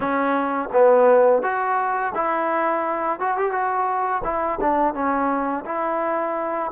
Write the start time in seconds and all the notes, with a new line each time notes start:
0.00 C#4
0.72 B3
1.42 F#4
2.14 E4
3.19 F#4
3.37 G4
3.51 F#4
4.24 E4
4.60 D4
4.93 C#4
5.65 E4